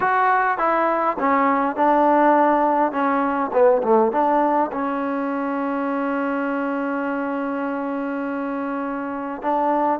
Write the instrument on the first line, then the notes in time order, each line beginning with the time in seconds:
trombone
0.00 F#4
0.58 E4
1.19 C#4
1.75 D4
2.92 C#4
3.52 B3
3.83 A3
4.11 D4
4.71 C#4
9.42 D4